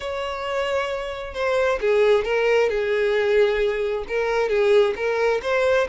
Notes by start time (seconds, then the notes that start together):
0.00 C#5
1.34 C5
1.80 G#4
2.24 A#4
2.69 G#4
4.07 A#4
4.49 G#4
4.95 A#4
5.42 C5